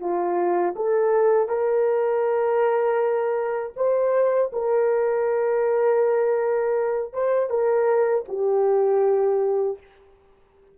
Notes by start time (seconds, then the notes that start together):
0.00 F4
0.76 A4
1.48 A#4
3.76 C5
4.53 A#4
7.13 C5
7.50 A#4
8.29 G4